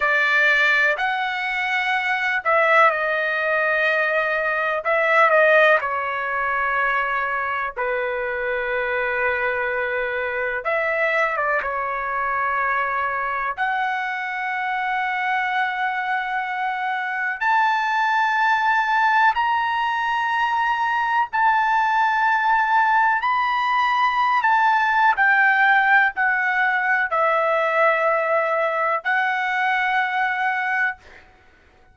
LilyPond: \new Staff \with { instrumentName = "trumpet" } { \time 4/4 \tempo 4 = 62 d''4 fis''4. e''8 dis''4~ | dis''4 e''8 dis''8 cis''2 | b'2. e''8. d''16 | cis''2 fis''2~ |
fis''2 a''2 | ais''2 a''2 | b''4~ b''16 a''8. g''4 fis''4 | e''2 fis''2 | }